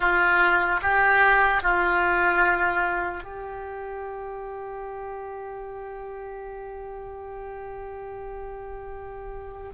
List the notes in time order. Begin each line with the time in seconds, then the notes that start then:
0.00 F4
0.81 G4
1.62 F4
3.23 G4